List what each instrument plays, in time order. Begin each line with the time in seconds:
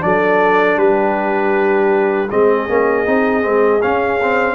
0.00 tuba F#3, trombone D4, horn A4, trumpet D5
0.77 tuba G3, horn G4, trumpet B4
2.30 tuba G#3, trombone C4, horn G#4, trumpet D#5
2.69 tuba A#3, trombone C#4
3.06 tuba C4, trombone D#4
3.42 tuba G#3, trombone C4
3.82 trombone C#4, tuba C#4, trumpet F5
4.22 trombone C4